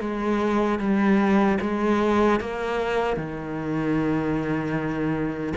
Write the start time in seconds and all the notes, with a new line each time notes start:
0.00 G#3
0.79 G3
1.61 G#3
2.40 A#3
3.16 D#3